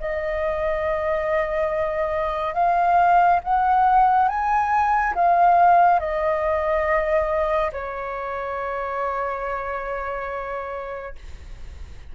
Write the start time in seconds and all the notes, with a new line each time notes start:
0.00 D#5
2.54 F5
3.44 F#5
4.29 G#5
5.15 F5
6.00 D#5
7.73 C#5